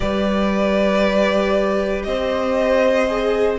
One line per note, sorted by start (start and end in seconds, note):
0.00 2.06 G3
0.00 3.06 G4
0.00 2.06 B4
0.00 2.02 D5
2.03 3.58 C4
2.03 3.58 C5
2.03 3.57 D#5
3.07 3.58 G#4